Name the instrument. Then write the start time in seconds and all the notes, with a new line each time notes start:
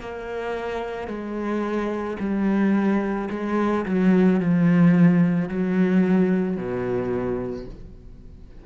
cello
0.00 A#3
1.08 G#3
2.20 G3
3.30 G#3
3.85 F#3
4.40 F3
5.48 F#3
6.57 B2